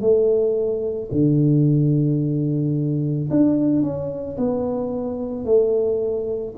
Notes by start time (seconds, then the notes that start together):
0.00 A3
1.11 D3
3.30 D4
3.82 C#4
4.37 B3
5.44 A3